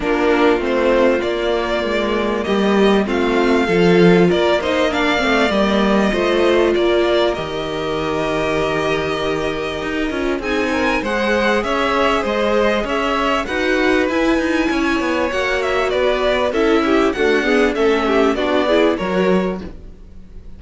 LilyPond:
<<
  \new Staff \with { instrumentName = "violin" } { \time 4/4 \tempo 4 = 98 ais'4 c''4 d''2 | dis''4 f''2 d''8 dis''8 | f''4 dis''2 d''4 | dis''1~ |
dis''4 gis''4 fis''4 e''4 | dis''4 e''4 fis''4 gis''4~ | gis''4 fis''8 e''8 d''4 e''4 | fis''4 e''4 d''4 cis''4 | }
  \new Staff \with { instrumentName = "violin" } { \time 4/4 f'1 | g'4 f'4 a'4 ais'8 c''8 | d''2 c''4 ais'4~ | ais'1~ |
ais'4 gis'8 ais'8 c''4 cis''4 | c''4 cis''4 b'2 | cis''2 b'4 a'8 g'8 | fis'8 gis'8 a'8 g'8 fis'8 gis'8 ais'4 | }
  \new Staff \with { instrumentName = "viola" } { \time 4/4 d'4 c'4 ais2~ | ais4 c'4 f'4. dis'8 | d'8 c'8 ais4 f'2 | g'1~ |
g'8 f'8 dis'4 gis'2~ | gis'2 fis'4 e'4~ | e'4 fis'2 e'4 | a8 b8 cis'4 d'8 e'8 fis'4 | }
  \new Staff \with { instrumentName = "cello" } { \time 4/4 ais4 a4 ais4 gis4 | g4 a4 f4 ais4~ | ais8 a8 g4 a4 ais4 | dis1 |
dis'8 cis'8 c'4 gis4 cis'4 | gis4 cis'4 dis'4 e'8 dis'8 | cis'8 b8 ais4 b4 cis'4 | d'4 a4 b4 fis4 | }
>>